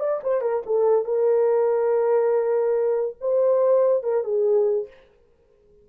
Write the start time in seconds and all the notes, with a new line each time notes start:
0.00 D5
0.23 C5
0.42 A#4
0.66 A4
1.05 A#4
3.21 C5
4.04 A#4
4.24 G#4